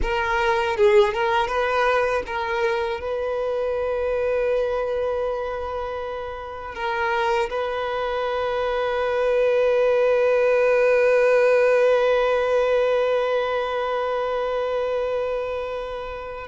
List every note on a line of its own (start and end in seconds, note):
0.01 0.76 A#4
0.76 1.13 G#4
1.13 1.47 A#4
1.47 2.22 B4
2.26 3.00 A#4
3.00 6.74 B4
6.74 7.49 A#4
7.50 16.47 B4